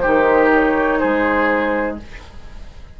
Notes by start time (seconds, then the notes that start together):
0.00 D#3 D#4 G4 C5
0.54 C#5
0.99 G#3 G#4 C5